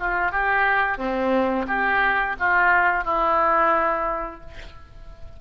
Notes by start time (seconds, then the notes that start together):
0.00 F4
0.32 G4
0.98 C4
1.68 G4
2.40 F4
3.05 E4